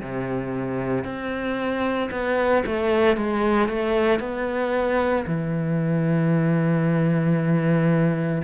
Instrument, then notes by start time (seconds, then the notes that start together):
cello
0.00 C3
1.04 C4
2.11 B3
2.66 A3
3.16 G#3
3.68 A3
4.19 B3
5.26 E3